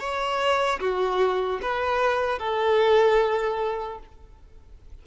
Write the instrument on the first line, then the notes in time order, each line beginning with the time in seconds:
violin
0.00 C#5
0.81 F#4
1.63 B4
2.39 A4